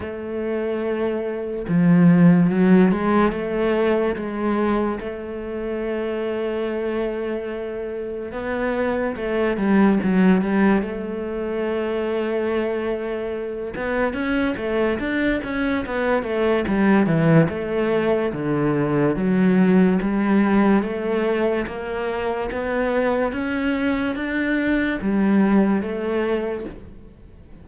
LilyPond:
\new Staff \with { instrumentName = "cello" } { \time 4/4 \tempo 4 = 72 a2 f4 fis8 gis8 | a4 gis4 a2~ | a2 b4 a8 g8 | fis8 g8 a2.~ |
a8 b8 cis'8 a8 d'8 cis'8 b8 a8 | g8 e8 a4 d4 fis4 | g4 a4 ais4 b4 | cis'4 d'4 g4 a4 | }